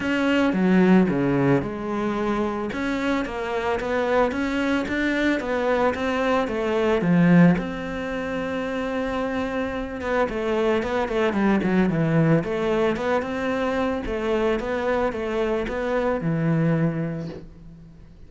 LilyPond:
\new Staff \with { instrumentName = "cello" } { \time 4/4 \tempo 4 = 111 cis'4 fis4 cis4 gis4~ | gis4 cis'4 ais4 b4 | cis'4 d'4 b4 c'4 | a4 f4 c'2~ |
c'2~ c'8 b8 a4 | b8 a8 g8 fis8 e4 a4 | b8 c'4. a4 b4 | a4 b4 e2 | }